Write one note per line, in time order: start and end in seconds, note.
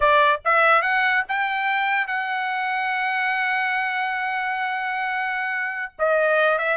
0.00 0.40 D5
0.45 0.81 E5
0.81 1.23 F#5
1.28 2.07 G5
2.07 5.92 F#5
5.98 6.58 D#5
6.58 6.77 E5